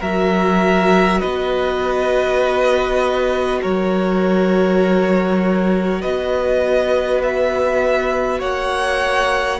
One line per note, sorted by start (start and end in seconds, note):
0.00 1.21 F#3
0.00 9.60 F#4
0.00 1.20 A#4
0.00 1.21 E5
1.20 3.64 B3
1.20 3.60 B4
1.20 3.61 D#5
3.62 6.04 F#3
3.62 6.01 A#4
3.62 6.01 C#5
6.01 8.40 B3
6.01 8.39 B4
6.01 7.21 D#5
7.23 8.40 E5
8.39 9.60 A#3
8.39 9.59 C#5
8.39 9.60 F#5